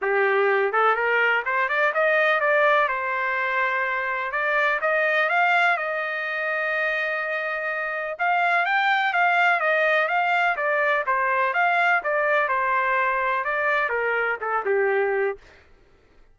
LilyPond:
\new Staff \with { instrumentName = "trumpet" } { \time 4/4 \tempo 4 = 125 g'4. a'8 ais'4 c''8 d''8 | dis''4 d''4 c''2~ | c''4 d''4 dis''4 f''4 | dis''1~ |
dis''4 f''4 g''4 f''4 | dis''4 f''4 d''4 c''4 | f''4 d''4 c''2 | d''4 ais'4 a'8 g'4. | }